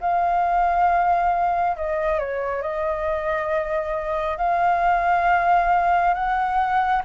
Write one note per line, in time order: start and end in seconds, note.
0.00 1.76 F5
1.76 2.19 D#5
2.19 2.61 C#5
2.61 4.38 D#5
4.38 6.14 F5
6.14 7.02 F#5